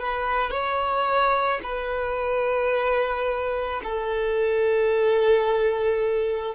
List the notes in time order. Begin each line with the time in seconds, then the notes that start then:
0.00 B4
0.52 C#5
1.64 B4
3.84 A4